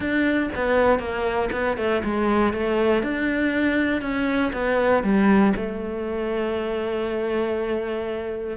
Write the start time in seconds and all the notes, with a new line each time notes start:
0.00 D4
0.55 B3
0.99 A#3
1.52 B3
1.77 A3
2.04 G#3
2.53 A3
3.02 D4
4.01 C#4
4.52 B3
5.03 G3
5.56 A3